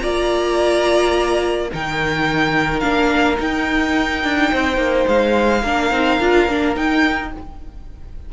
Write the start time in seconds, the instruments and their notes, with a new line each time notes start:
0.00 cello A#3, viola F4, violin D5 A#5
1.73 cello D#3, viola D#4, violin A#4 G5
2.80 cello A#3, viola D4, violin F5
3.37 viola D#4, cello D#4, violin G5
4.24 cello D4
4.52 cello C4, violin C5
4.77 cello A#3
5.08 cello G#3, violin F5
5.62 cello A#3, viola D4, violin A#4
5.91 cello C4, viola D#4
6.21 cello D4, viola F4
6.49 cello A#3, viola D4
6.76 viola D#4, cello D#4, violin G5